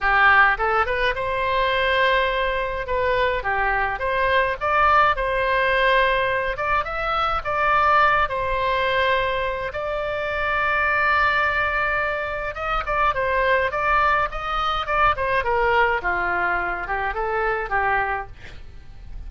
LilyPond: \new Staff \with { instrumentName = "oboe" } { \time 4/4 \tempo 4 = 105 g'4 a'8 b'8 c''2~ | c''4 b'4 g'4 c''4 | d''4 c''2~ c''8 d''8 | e''4 d''4. c''4.~ |
c''4 d''2.~ | d''2 dis''8 d''8 c''4 | d''4 dis''4 d''8 c''8 ais'4 | f'4. g'8 a'4 g'4 | }